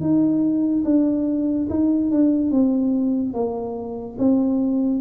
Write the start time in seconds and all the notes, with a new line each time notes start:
0.00 D#4
0.84 D4
1.69 D#4
2.10 D4
2.50 C4
3.33 A#3
4.18 C4